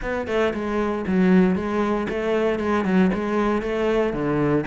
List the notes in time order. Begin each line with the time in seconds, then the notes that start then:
0.02 B3
0.27 A3
0.53 G#3
1.06 F#3
1.55 G#3
2.09 A3
2.59 G#3
2.84 F#3
3.13 G#3
3.61 A3
4.13 D3